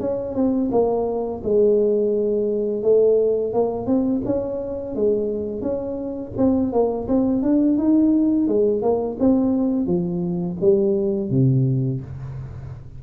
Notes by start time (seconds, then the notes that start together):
0.00 C#4
0.35 C4
0.71 A#3
1.44 G#3
2.83 A3
3.53 A#3
3.86 C4
4.25 C#4
4.95 G#3
5.61 C#4
6.38 C4
6.72 A#3
7.08 C4
7.42 D4
7.78 D#4
8.48 G#3
8.82 A#3
9.20 C4
9.86 F3
10.61 G3
11.30 C3